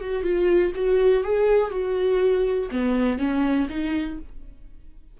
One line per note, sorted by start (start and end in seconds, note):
0.00 0.23 F#4
0.23 0.72 F4
0.75 1.23 F#4
1.23 1.71 G#4
1.71 2.69 F#4
2.71 3.18 B3
3.18 3.67 C#4
3.69 4.18 D#4